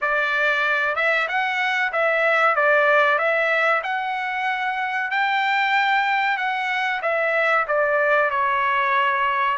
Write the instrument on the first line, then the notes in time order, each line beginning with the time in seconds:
trumpet
0.01 D5
0.95 E5
1.28 F#5
1.92 E5
2.55 D5
3.18 E5
3.83 F#5
5.10 G5
6.37 F#5
7.02 E5
7.67 D5
8.30 C#5